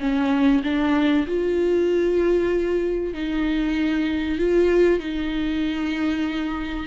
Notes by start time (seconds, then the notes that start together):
0.00 C#4
0.64 D4
1.27 F4
3.14 D#4
4.39 F4
4.99 D#4